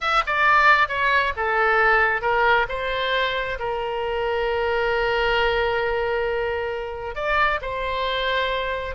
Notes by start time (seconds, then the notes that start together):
0.01 E5
0.26 D5
0.88 C#5
1.36 A4
2.21 A#4
2.69 C5
3.59 A#4
7.15 D5
7.61 C5